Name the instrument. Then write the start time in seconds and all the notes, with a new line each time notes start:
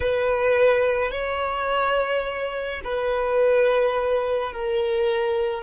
violin
0.00 B4
1.11 C#5
2.84 B4
4.52 A#4